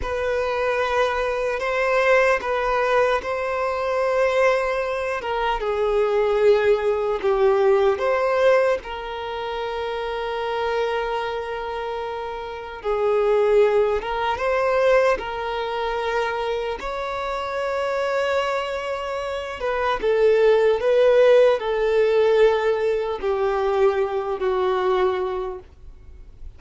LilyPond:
\new Staff \with { instrumentName = "violin" } { \time 4/4 \tempo 4 = 75 b'2 c''4 b'4 | c''2~ c''8 ais'8 gis'4~ | gis'4 g'4 c''4 ais'4~ | ais'1 |
gis'4. ais'8 c''4 ais'4~ | ais'4 cis''2.~ | cis''8 b'8 a'4 b'4 a'4~ | a'4 g'4. fis'4. | }